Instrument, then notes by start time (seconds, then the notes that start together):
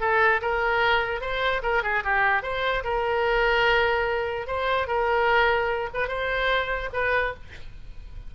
oboe
0.00 A4
0.41 A#4
1.21 C5
1.62 A#4
1.83 G#4
2.03 G4
2.42 C5
2.83 A#4
4.47 C5
4.87 A#4
5.94 B4
6.07 C5
6.93 B4